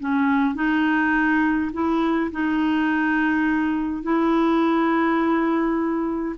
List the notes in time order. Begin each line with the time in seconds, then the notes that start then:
0.00 C#4
0.55 D#4
1.73 E4
2.32 D#4
4.02 E4